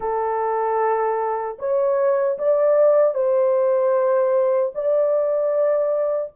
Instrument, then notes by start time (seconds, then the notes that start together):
horn
0.00 A4
1.59 C#5
2.38 D5
3.14 C5
4.74 D5